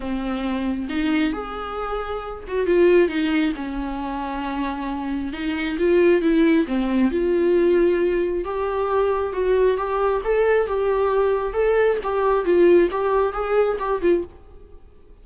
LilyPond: \new Staff \with { instrumentName = "viola" } { \time 4/4 \tempo 4 = 135 c'2 dis'4 gis'4~ | gis'4. fis'8 f'4 dis'4 | cis'1 | dis'4 f'4 e'4 c'4 |
f'2. g'4~ | g'4 fis'4 g'4 a'4 | g'2 a'4 g'4 | f'4 g'4 gis'4 g'8 f'8 | }